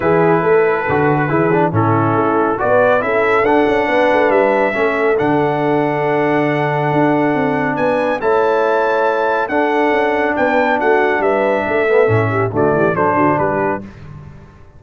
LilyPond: <<
  \new Staff \with { instrumentName = "trumpet" } { \time 4/4 \tempo 4 = 139 b'1 | a'2 d''4 e''4 | fis''2 e''2 | fis''1~ |
fis''2 gis''4 a''4~ | a''2 fis''2 | g''4 fis''4 e''2~ | e''4 d''4 c''4 b'4 | }
  \new Staff \with { instrumentName = "horn" } { \time 4/4 gis'4 a'2 gis'4 | e'2 b'4 a'4~ | a'4 b'2 a'4~ | a'1~ |
a'2 b'4 cis''4~ | cis''2 a'2 | b'4 fis'4 b'4 a'4~ | a'8 g'8 fis'8 g'8 a'8 fis'8 g'4 | }
  \new Staff \with { instrumentName = "trombone" } { \time 4/4 e'2 fis'4 e'8 d'8 | cis'2 fis'4 e'4 | d'2. cis'4 | d'1~ |
d'2. e'4~ | e'2 d'2~ | d'2.~ d'8 b8 | cis'4 a4 d'2 | }
  \new Staff \with { instrumentName = "tuba" } { \time 4/4 e4 a4 d4 e4 | a,4 a4 b4 cis'4 | d'8 cis'8 b8 a8 g4 a4 | d1 |
d'4 c'4 b4 a4~ | a2 d'4 cis'4 | b4 a4 g4 a4 | a,4 d8 e8 fis8 d8 g4 | }
>>